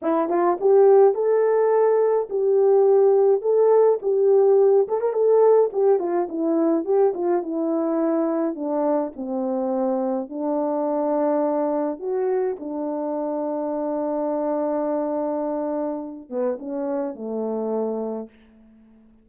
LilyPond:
\new Staff \with { instrumentName = "horn" } { \time 4/4 \tempo 4 = 105 e'8 f'8 g'4 a'2 | g'2 a'4 g'4~ | g'8 a'16 ais'16 a'4 g'8 f'8 e'4 | g'8 f'8 e'2 d'4 |
c'2 d'2~ | d'4 fis'4 d'2~ | d'1~ | d'8 b8 cis'4 a2 | }